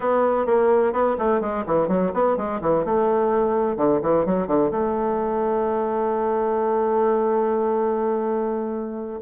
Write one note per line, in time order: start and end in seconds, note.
0.00 0.46 B3
0.46 0.92 A#3
0.92 1.16 B3
1.18 1.40 A3
1.40 1.64 G#3
1.66 1.88 E3
1.88 2.12 F#3
2.13 2.36 B3
2.36 2.60 G#3
2.61 2.84 E3
2.84 3.76 A3
3.76 4.00 D3
4.02 4.25 E3
4.25 4.47 F#3
4.47 4.71 D3
4.71 9.20 A3